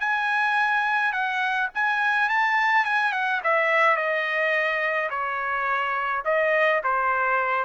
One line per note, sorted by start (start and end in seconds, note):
0.00 1.12 G#5
1.12 1.69 F#5
1.74 2.29 G#5
2.29 2.85 A5
2.85 3.12 G#5
3.12 3.41 F#5
3.44 3.96 E5
3.96 5.10 D#5
5.10 6.23 C#5
6.25 6.82 D#5
6.84 7.65 C5